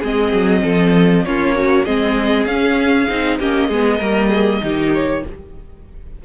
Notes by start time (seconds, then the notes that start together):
0.00 G#3 C4 G#4 D#5
0.33 F#3
0.63 F3 A4
1.25 A#3 C#4 F4 C#5
1.56 C#4 F#4
1.85 G#3 C4 G#4 D#5
2.46 C#4 F5
3.10 C4 D#4
3.39 A#3 C#4 G4 D#5
3.69 G#3 B3 G#4
3.99 G3 A#3 A#4
4.29 G#4
4.62 D#3 D#4 G4
4.94 C#5